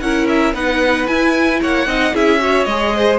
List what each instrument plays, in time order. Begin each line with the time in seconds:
0.00 cello C#4, viola E4, violin A#4 F#5
0.28 violin E5
0.53 cello B3, viola D#4, violin B4 F#5
1.07 viola E4, cello E4, violin G#5
1.62 cello A#3, violin C#5 F#5
1.86 cello C4, viola D#4, violin D#5
2.13 cello C#4, viola E4, violin G#4 E5
2.39 viola F#4, violin C#5
2.64 cello G#3, viola G#4, violin D#5
2.96 violin C5